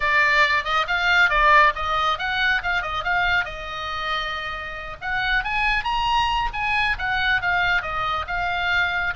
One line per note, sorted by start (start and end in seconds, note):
0.00 0.64 D5
0.64 0.86 D#5
0.87 1.29 F5
1.29 1.73 D5
1.75 2.18 D#5
2.18 2.61 F#5
2.62 2.82 F5
2.82 3.03 D#5
3.03 3.44 F5
3.44 4.97 D#5
5.01 5.44 F#5
5.44 5.84 G#5
5.84 6.49 A#5
6.53 6.96 G#5
6.98 7.41 F#5
7.41 7.82 F5
7.82 8.25 D#5
8.27 9.14 F5